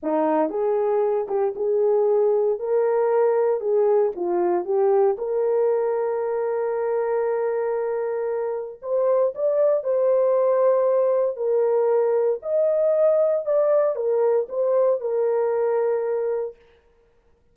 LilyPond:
\new Staff \with { instrumentName = "horn" } { \time 4/4 \tempo 4 = 116 dis'4 gis'4. g'8 gis'4~ | gis'4 ais'2 gis'4 | f'4 g'4 ais'2~ | ais'1~ |
ais'4 c''4 d''4 c''4~ | c''2 ais'2 | dis''2 d''4 ais'4 | c''4 ais'2. | }